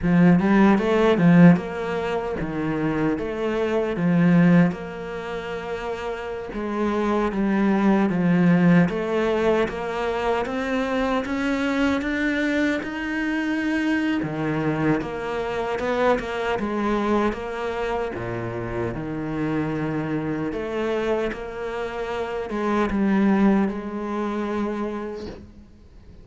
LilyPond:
\new Staff \with { instrumentName = "cello" } { \time 4/4 \tempo 4 = 76 f8 g8 a8 f8 ais4 dis4 | a4 f4 ais2~ | ais16 gis4 g4 f4 a8.~ | a16 ais4 c'4 cis'4 d'8.~ |
d'16 dis'4.~ dis'16 dis4 ais4 | b8 ais8 gis4 ais4 ais,4 | dis2 a4 ais4~ | ais8 gis8 g4 gis2 | }